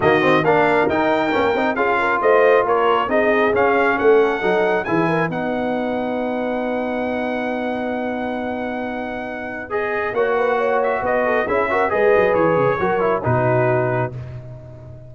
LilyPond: <<
  \new Staff \with { instrumentName = "trumpet" } { \time 4/4 \tempo 4 = 136 dis''4 f''4 g''2 | f''4 dis''4 cis''4 dis''4 | f''4 fis''2 gis''4 | fis''1~ |
fis''1~ | fis''2 dis''4 fis''4~ | fis''8 e''8 dis''4 e''4 dis''4 | cis''2 b'2 | }
  \new Staff \with { instrumentName = "horn" } { \time 4/4 fis'4 ais'2. | gis'8 ais'8 c''4 ais'4 gis'4~ | gis'4 a'2 gis'8 ais'8 | b'1~ |
b'1~ | b'2. cis''8 b'8 | cis''4 b'8 a'8 gis'8 ais'8 b'4~ | b'4 ais'4 fis'2 | }
  \new Staff \with { instrumentName = "trombone" } { \time 4/4 ais8 c'8 d'4 dis'4 cis'8 dis'8 | f'2. dis'4 | cis'2 dis'4 e'4 | dis'1~ |
dis'1~ | dis'2 gis'4 fis'4~ | fis'2 e'8 fis'8 gis'4~ | gis'4 fis'8 e'8 dis'2 | }
  \new Staff \with { instrumentName = "tuba" } { \time 4/4 dis4 ais4 dis'4 ais8 c'8 | cis'4 a4 ais4 c'4 | cis'4 a4 fis4 e4 | b1~ |
b1~ | b2. ais4~ | ais4 b4 cis'4 gis8 fis8 | e8 cis8 fis4 b,2 | }
>>